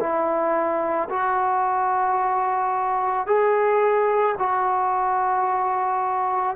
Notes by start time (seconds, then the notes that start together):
0.00 E4
1.10 F#4
3.27 G#4
4.39 F#4